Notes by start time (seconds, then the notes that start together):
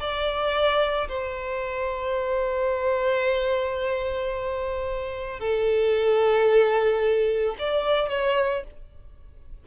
0.00 D5
1.08 C5
5.40 A4
7.59 D5
8.10 C#5